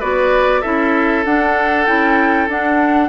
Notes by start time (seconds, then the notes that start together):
0.00 B3 F#4 B4 D5
0.61 C#4 E4 A4 E5
1.25 D4 F#5
1.86 C#4 E4 G5
2.48 D4 F#5